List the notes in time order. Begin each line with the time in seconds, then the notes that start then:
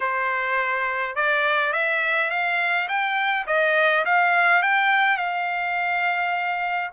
0.00 C5
1.15 D5
1.72 E5
2.30 F5
2.88 G5
3.46 D#5
4.05 F5
4.62 G5
5.17 F5